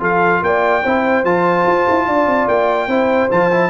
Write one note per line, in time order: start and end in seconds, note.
0.00 0.41 F3
0.00 0.82 F4
0.00 0.42 A4
0.00 0.43 F5
0.42 0.83 A#3
0.42 0.83 D5
0.42 1.25 G5
0.83 1.24 C4
0.83 1.25 E4
0.83 2.06 C5
1.24 1.65 F3
1.24 2.89 F4
1.24 2.48 A5
1.66 1.87 F4
1.90 2.07 E4
2.07 2.26 D4
2.07 2.88 D5
2.26 2.47 C4
2.48 2.87 A#3
2.48 3.30 G5
2.87 3.28 C4
2.87 3.30 E4
2.87 3.70 C5
3.30 3.70 F3
3.30 3.51 F4
3.30 3.70 A5
3.51 3.70 E4